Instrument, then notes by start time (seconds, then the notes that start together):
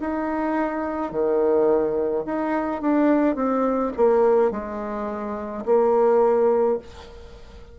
bassoon
0.00 D#4
1.11 D#3
2.25 D#4
2.81 D4
3.35 C4
3.96 A#3
4.51 G#3
5.65 A#3